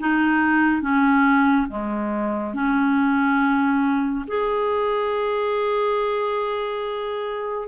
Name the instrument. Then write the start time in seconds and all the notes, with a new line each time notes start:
clarinet
0.00 D#4
0.82 C#4
1.69 G#3
2.54 C#4
4.27 G#4